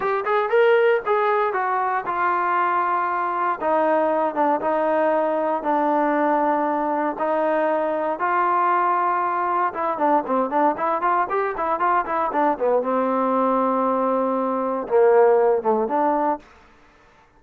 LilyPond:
\new Staff \with { instrumentName = "trombone" } { \time 4/4 \tempo 4 = 117 g'8 gis'8 ais'4 gis'4 fis'4 | f'2. dis'4~ | dis'8 d'8 dis'2 d'4~ | d'2 dis'2 |
f'2. e'8 d'8 | c'8 d'8 e'8 f'8 g'8 e'8 f'8 e'8 | d'8 b8 c'2.~ | c'4 ais4. a8 d'4 | }